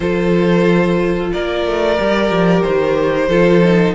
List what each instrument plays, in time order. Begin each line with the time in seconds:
0.00 cello F3, viola F4, violin A4 C5
1.32 cello A#3, violin A#4 D5
1.65 cello A3
1.98 cello G3, viola G4
2.30 cello F3
2.62 cello D#3, violin C5
3.28 cello F3, viola F4, violin A4
3.64 viola D#4